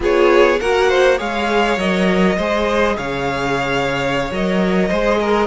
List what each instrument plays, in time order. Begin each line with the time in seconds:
0.00 cello B3, viola F4, violin G#4 C#5
0.60 cello A#3, viola F#4, violin A#4 F#5
0.88 violin C5
1.17 cello G#3, viola G#4, violin C#5 F5
1.77 cello F#3, viola A#4, violin D#5
2.37 cello G#3, viola G#4, violin C5
2.96 cello C#3, violin C#5 F5
4.30 cello F#3, viola A#4, violin D#5
4.88 cello G#3, viola G#4, violin C5
5.20 violin A#4